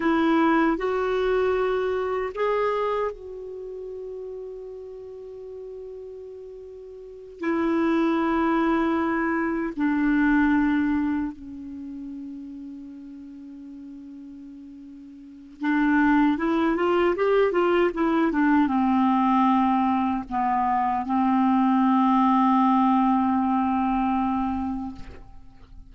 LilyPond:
\new Staff \with { instrumentName = "clarinet" } { \time 4/4 \tempo 4 = 77 e'4 fis'2 gis'4 | fis'1~ | fis'4. e'2~ e'8~ | e'8 d'2 cis'4.~ |
cis'1 | d'4 e'8 f'8 g'8 f'8 e'8 d'8 | c'2 b4 c'4~ | c'1 | }